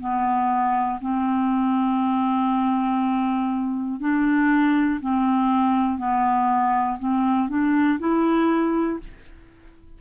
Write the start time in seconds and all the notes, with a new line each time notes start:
0.00 B3
1.01 C4
4.01 D4
5.01 C4
5.99 B3
7.00 C4
7.49 D4
8.00 E4